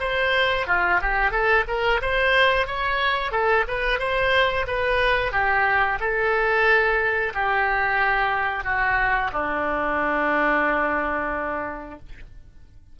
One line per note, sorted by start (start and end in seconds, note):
0.00 0.67 C5
0.67 1.00 F4
1.02 1.31 G4
1.31 1.65 A4
1.68 2.01 A#4
2.02 2.67 C5
2.67 3.32 C#5
3.32 3.65 A4
3.68 3.99 B4
3.99 4.66 C5
4.67 5.32 B4
5.32 5.98 G4
6.00 7.33 A4
7.34 8.64 G4
8.64 9.31 F#4
9.33 11.99 D4